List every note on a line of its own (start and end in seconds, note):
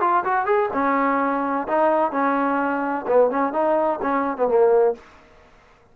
0.00 0.23 F4
0.24 0.45 F#4
0.45 0.69 G#4
0.73 1.67 C#4
1.67 2.11 D#4
2.11 3.05 C#4
3.07 3.30 B3
3.30 3.52 C#4
3.52 3.99 D#4
4.02 4.37 C#4
4.37 4.47 B3
4.47 4.94 A#3